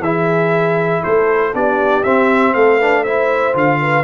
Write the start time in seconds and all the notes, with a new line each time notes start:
0.00 E3 E4 G#4 E5
1.02 A3 A4 C5
1.54 B3 D4 G4 D5
2.04 C4 E5
2.54 A3 A4 F5
2.76 D4 B4
3.03 E4 C5 E5
3.54 D3 F4 F5
3.81 B4